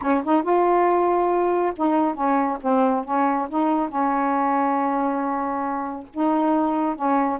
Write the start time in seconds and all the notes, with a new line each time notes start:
0.01 C#4
0.24 D#4
0.42 F4
1.76 D#4
2.14 C#4
2.61 C4
3.04 C#4
3.49 D#4
3.89 C#4
6.13 D#4
6.95 C#4